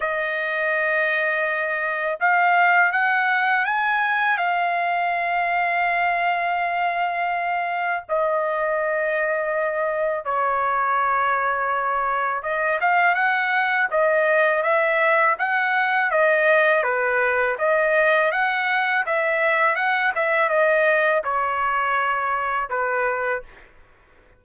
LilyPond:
\new Staff \with { instrumentName = "trumpet" } { \time 4/4 \tempo 4 = 82 dis''2. f''4 | fis''4 gis''4 f''2~ | f''2. dis''4~ | dis''2 cis''2~ |
cis''4 dis''8 f''8 fis''4 dis''4 | e''4 fis''4 dis''4 b'4 | dis''4 fis''4 e''4 fis''8 e''8 | dis''4 cis''2 b'4 | }